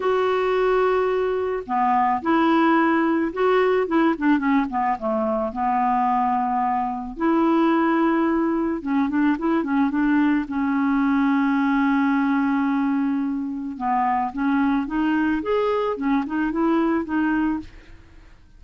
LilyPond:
\new Staff \with { instrumentName = "clarinet" } { \time 4/4 \tempo 4 = 109 fis'2. b4 | e'2 fis'4 e'8 d'8 | cis'8 b8 a4 b2~ | b4 e'2. |
cis'8 d'8 e'8 cis'8 d'4 cis'4~ | cis'1~ | cis'4 b4 cis'4 dis'4 | gis'4 cis'8 dis'8 e'4 dis'4 | }